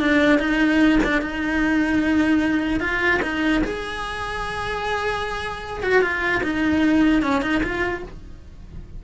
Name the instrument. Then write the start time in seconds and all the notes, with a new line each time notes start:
cello
0.00 D4
0.39 D#4
1.04 D4
1.22 D#4
2.81 F4
3.23 D#4
3.64 G#4
5.83 F#4
6.02 F4
6.43 D#4
7.23 C#4
7.42 D#4
7.63 F4